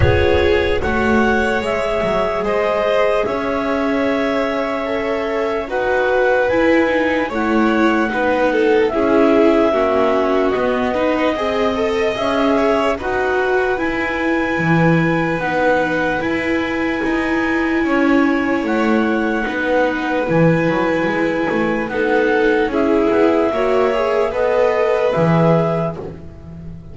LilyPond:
<<
  \new Staff \with { instrumentName = "clarinet" } { \time 4/4 \tempo 4 = 74 cis''4 fis''4 e''4 dis''4 | e''2. fis''4 | gis''4 fis''2 e''4~ | e''4 dis''2 e''4 |
fis''4 gis''2 fis''4 | gis''2. fis''4~ | fis''4 gis''2 fis''4 | e''2 dis''4 e''4 | }
  \new Staff \with { instrumentName = "violin" } { \time 4/4 gis'4 cis''2 c''4 | cis''2. b'4~ | b'4 cis''4 b'8 a'8 gis'4 | fis'4. b'8 dis''4. cis''8 |
b'1~ | b'2 cis''2 | b'2. a'4 | gis'4 cis''4 b'2 | }
  \new Staff \with { instrumentName = "viola" } { \time 4/4 f'4 fis'4 gis'2~ | gis'2 a'4 fis'4 | e'8 dis'8 e'4 dis'4 e'4 | cis'4 b8 dis'8 gis'8 a'8 gis'4 |
fis'4 e'2 dis'4 | e'1 | dis'4 e'2 dis'4 | e'4 fis'8 gis'8 a'4 gis'4 | }
  \new Staff \with { instrumentName = "double bass" } { \time 4/4 b4 a4 gis8 fis8 gis4 | cis'2. dis'4 | e'4 a4 b4 cis'4 | ais4 b4 c'4 cis'4 |
dis'4 e'4 e4 b4 | e'4 dis'4 cis'4 a4 | b4 e8 fis8 gis8 a8 b4 | cis'8 b8 ais4 b4 e4 | }
>>